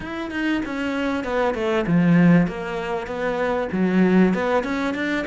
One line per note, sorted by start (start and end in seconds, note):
0.00 0.30 E4
0.30 0.61 D#4
0.65 1.24 C#4
1.24 1.54 B3
1.54 1.85 A3
1.86 2.47 F3
2.47 3.06 A#3
3.06 3.68 B3
3.72 4.34 F#3
4.34 4.63 B3
4.63 4.94 C#4
4.94 5.25 D4